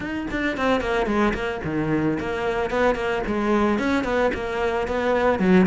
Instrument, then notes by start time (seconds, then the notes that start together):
cello
0.00 D#4
0.30 D4
0.57 C4
0.80 A#3
1.06 G#3
1.33 A#3
1.64 D#3
2.19 A#3
2.70 B3
2.95 A#3
3.27 G#3
3.78 C#4
4.04 B3
4.34 A#3
4.87 B3
5.39 F#3